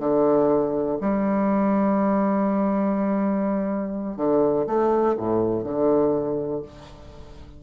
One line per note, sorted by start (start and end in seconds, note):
0.00 0.98 D3
1.01 4.17 G3
4.17 4.66 D3
4.67 5.16 A3
5.18 5.64 A2
5.64 6.63 D3